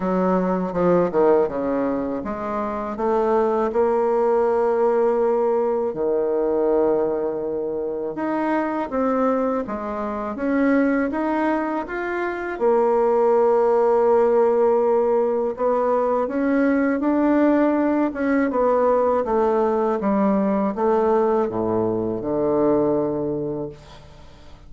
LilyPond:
\new Staff \with { instrumentName = "bassoon" } { \time 4/4 \tempo 4 = 81 fis4 f8 dis8 cis4 gis4 | a4 ais2. | dis2. dis'4 | c'4 gis4 cis'4 dis'4 |
f'4 ais2.~ | ais4 b4 cis'4 d'4~ | d'8 cis'8 b4 a4 g4 | a4 a,4 d2 | }